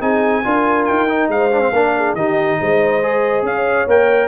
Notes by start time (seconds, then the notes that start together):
0.00 C4 D#4 G#4 G#5
0.44 D4 F4 A#4
0.85 D#4 G5
1.08 D#4
1.28 G#3 C5 F5
1.52 D4
1.61 C4
1.72 A#3 D4 A#4
1.96 G#4
2.14 D#3 D#4 G4 D#5
2.61 G#3 C5
3.02 G#4
3.42 C#4 C#5 F5
3.87 A#3 A#4 G5